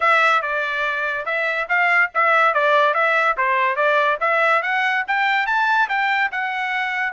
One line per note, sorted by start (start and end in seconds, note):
0.00 0.41 E5
0.42 1.25 D5
1.25 1.67 E5
1.69 2.11 F5
2.14 2.53 E5
2.53 2.94 D5
2.94 3.36 E5
3.37 3.76 C5
3.76 4.18 D5
4.20 4.62 E5
4.62 5.04 F#5
5.07 5.46 G5
5.46 5.88 A5
5.88 6.30 G5
6.31 7.13 F#5